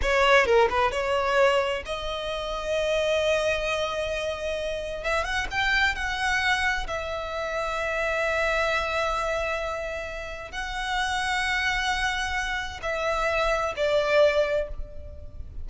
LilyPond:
\new Staff \with { instrumentName = "violin" } { \time 4/4 \tempo 4 = 131 cis''4 ais'8 b'8 cis''2 | dis''1~ | dis''2. e''8 fis''8 | g''4 fis''2 e''4~ |
e''1~ | e''2. fis''4~ | fis''1 | e''2 d''2 | }